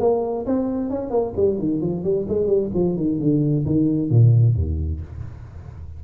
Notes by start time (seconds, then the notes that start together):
0.00 A#3
0.46 C4
0.90 C#4
1.11 A#3
1.37 G3
1.59 D#3
1.82 F3
2.04 G3
2.29 G#3
2.47 G3
2.74 F3
2.97 D#3
3.20 D3
3.66 D#3
4.10 A#2
4.56 D#2